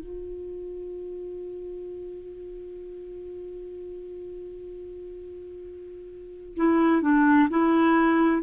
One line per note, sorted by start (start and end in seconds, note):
0.00 6.56 F4
6.56 7.02 E4
7.02 7.49 D4
7.50 8.43 E4